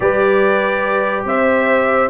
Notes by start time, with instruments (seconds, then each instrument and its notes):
0.00 tuba G3, trombone G4, horn B4, trumpet D5
1.24 tuba C4, horn C5, trumpet E5